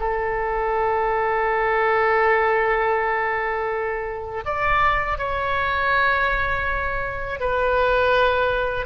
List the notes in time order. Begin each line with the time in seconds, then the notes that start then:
0.00 A4
4.46 D5
5.19 C#5
7.40 B4